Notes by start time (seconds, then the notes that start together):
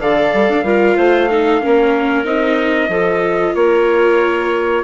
0.00 D3 A4 D5 F5
0.33 G3
0.49 D4
0.63 G3 F4 A#4
0.97 A3 C5
1.29 D#4 A4
1.61 A#3 C#4 A#4
2.24 C4 D#4 D#5
2.88 F3 F4 A4
3.55 A#3 A#4 C#5